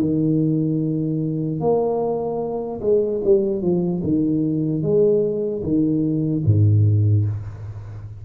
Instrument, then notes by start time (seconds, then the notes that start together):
tuba
0.00 D#3
1.60 A#3
2.80 G#3
3.24 G3
3.61 F3
4.03 D#3
4.82 G#3
5.63 D#3
6.45 G#2